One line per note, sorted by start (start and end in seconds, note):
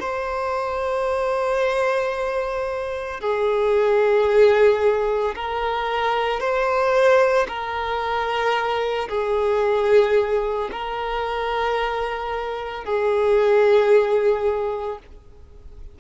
0.00 3.20 C5
3.20 5.35 G#4
5.35 6.40 A#4
6.40 7.47 C5
7.48 9.09 A#4
9.09 10.69 G#4
10.71 12.84 A#4
12.84 14.99 G#4